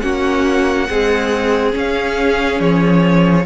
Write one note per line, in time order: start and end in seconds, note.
0.00 0.89 A#3
0.00 0.88 C#4
0.00 0.88 F#4
0.00 1.71 F#5
0.88 1.72 G#3
0.88 1.74 C4
0.88 3.45 G#4
1.72 3.43 C#4
1.72 2.60 C#4
1.72 2.61 F5
2.60 3.45 F3
2.60 3.45 C#5